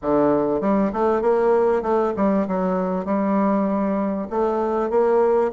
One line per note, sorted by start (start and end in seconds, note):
0.01 0.61 D3
0.61 0.91 G3
0.92 1.21 A3
1.21 1.82 A#3
1.82 2.13 A3
2.16 2.47 G3
2.47 3.05 F#3
3.05 4.27 G3
4.29 4.90 A3
4.90 5.51 A#3